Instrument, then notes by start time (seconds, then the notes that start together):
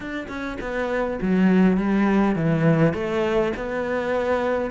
cello
0.00 D4
0.28 C#4
0.60 B3
1.21 F#3
1.77 G3
2.35 E3
2.93 A3
3.56 B3